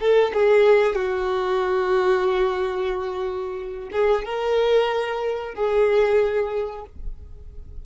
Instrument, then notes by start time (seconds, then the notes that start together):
violin
0.00 A4
0.34 G#4
0.95 F#4
3.92 G#4
4.25 A#4
5.54 G#4